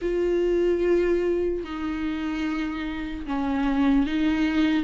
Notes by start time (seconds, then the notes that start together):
0.01 F4
1.64 D#4
3.26 C#4
4.06 D#4